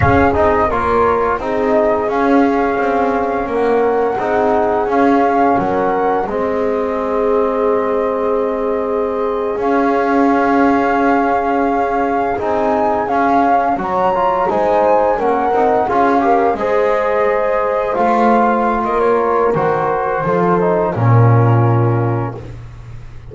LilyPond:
<<
  \new Staff \with { instrumentName = "flute" } { \time 4/4 \tempo 4 = 86 f''8 dis''8 cis''4 dis''4 f''4~ | f''4 fis''2 f''4 | fis''4 dis''2.~ | dis''4.~ dis''16 f''2~ f''16~ |
f''4.~ f''16 gis''4 f''4 ais''16~ | ais''8. gis''4 fis''4 f''4 dis''16~ | dis''4.~ dis''16 f''4~ f''16 dis''16 cis''8. | c''2 ais'2 | }
  \new Staff \with { instrumentName = "horn" } { \time 4/4 gis'4 ais'4 gis'2~ | gis'4 ais'4 gis'2 | ais'4 gis'2.~ | gis'1~ |
gis'2.~ gis'8. cis''16~ | cis''8. c''4 ais'4 gis'8 ais'8 c''16~ | c''2. ais'4~ | ais'4 a'4 f'2 | }
  \new Staff \with { instrumentName = "trombone" } { \time 4/4 cis'8 dis'8 f'4 dis'4 cis'4~ | cis'2 dis'4 cis'4~ | cis'4 c'2.~ | c'4.~ c'16 cis'2~ cis'16~ |
cis'4.~ cis'16 dis'4 cis'4 fis'16~ | fis'16 f'8 dis'4 cis'8 dis'8 f'8 g'8 gis'16~ | gis'4.~ gis'16 f'2~ f'16 | fis'4 f'8 dis'8 cis'2 | }
  \new Staff \with { instrumentName = "double bass" } { \time 4/4 cis'8 c'8 ais4 c'4 cis'4 | c'4 ais4 c'4 cis'4 | fis4 gis2.~ | gis4.~ gis16 cis'2~ cis'16~ |
cis'4.~ cis'16 c'4 cis'4 fis16~ | fis8. gis4 ais8 c'8 cis'4 gis16~ | gis4.~ gis16 a4~ a16 ais4 | dis4 f4 ais,2 | }
>>